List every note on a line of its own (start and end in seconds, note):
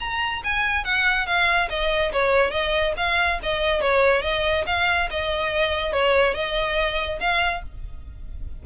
0.00 0.43 A#5
0.44 0.84 G#5
0.84 1.26 F#5
1.26 1.69 F5
1.69 2.12 D#5
2.12 2.51 C#5
2.51 2.93 D#5
2.97 3.39 F5
3.43 3.81 D#5
3.81 4.22 C#5
4.22 4.65 D#5
4.67 5.09 F5
5.10 5.93 D#5
5.93 6.34 C#5
6.34 7.19 D#5
7.20 7.63 F5